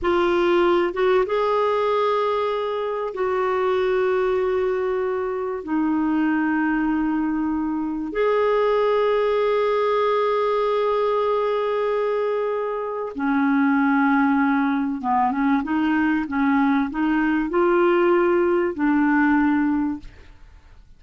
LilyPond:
\new Staff \with { instrumentName = "clarinet" } { \time 4/4 \tempo 4 = 96 f'4. fis'8 gis'2~ | gis'4 fis'2.~ | fis'4 dis'2.~ | dis'4 gis'2.~ |
gis'1~ | gis'4 cis'2. | b8 cis'8 dis'4 cis'4 dis'4 | f'2 d'2 | }